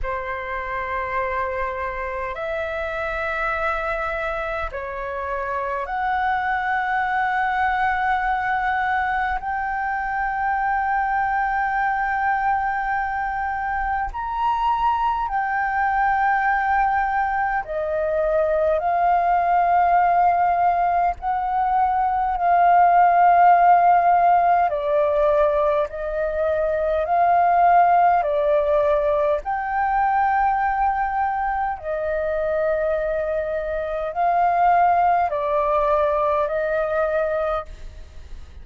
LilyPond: \new Staff \with { instrumentName = "flute" } { \time 4/4 \tempo 4 = 51 c''2 e''2 | cis''4 fis''2. | g''1 | ais''4 g''2 dis''4 |
f''2 fis''4 f''4~ | f''4 d''4 dis''4 f''4 | d''4 g''2 dis''4~ | dis''4 f''4 d''4 dis''4 | }